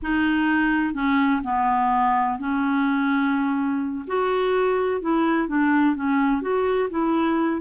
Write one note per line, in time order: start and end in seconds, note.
0.02 0.94 D#4
0.94 1.41 C#4
1.43 2.38 B3
2.39 4.05 C#4
4.07 5.01 F#4
5.01 5.47 E4
5.47 5.95 D4
5.95 6.41 C#4
6.41 6.89 F#4
6.90 7.61 E4